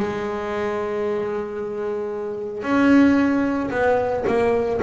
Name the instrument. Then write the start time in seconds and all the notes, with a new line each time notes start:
double bass
0.00 G#3
2.63 C#4
3.71 B3
4.28 A#3